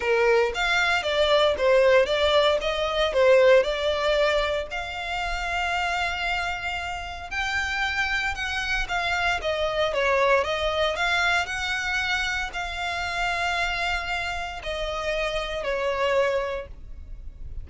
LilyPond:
\new Staff \with { instrumentName = "violin" } { \time 4/4 \tempo 4 = 115 ais'4 f''4 d''4 c''4 | d''4 dis''4 c''4 d''4~ | d''4 f''2.~ | f''2 g''2 |
fis''4 f''4 dis''4 cis''4 | dis''4 f''4 fis''2 | f''1 | dis''2 cis''2 | }